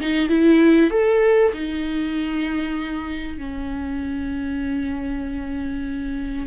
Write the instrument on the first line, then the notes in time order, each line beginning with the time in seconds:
viola
0.00 D#4
0.29 E4
0.90 A4
1.53 D#4
3.38 C#4